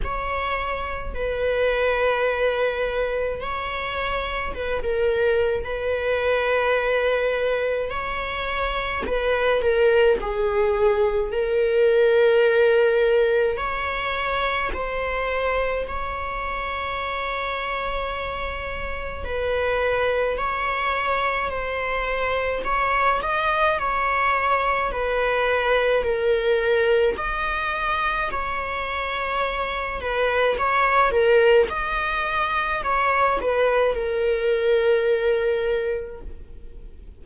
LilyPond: \new Staff \with { instrumentName = "viola" } { \time 4/4 \tempo 4 = 53 cis''4 b'2 cis''4 | b'16 ais'8. b'2 cis''4 | b'8 ais'8 gis'4 ais'2 | cis''4 c''4 cis''2~ |
cis''4 b'4 cis''4 c''4 | cis''8 dis''8 cis''4 b'4 ais'4 | dis''4 cis''4. b'8 cis''8 ais'8 | dis''4 cis''8 b'8 ais'2 | }